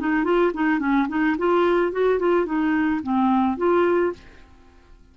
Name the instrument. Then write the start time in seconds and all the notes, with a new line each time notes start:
clarinet
0.00 D#4
0.24 F4
0.54 D#4
0.80 C#4
1.09 D#4
1.38 F4
1.92 F#4
2.20 F4
2.46 D#4
3.03 C4
3.58 F4